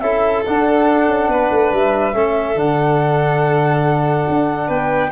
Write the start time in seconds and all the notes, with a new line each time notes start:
0.00 C#4 E4 A4 E5
0.45 D4 F#5
1.07 C#4
1.28 B3 B4
1.51 A3
1.73 G3 E5
2.13 A3 C#4 A4
2.55 D3 D4 F#5
4.28 D4
4.67 B3 B4 G5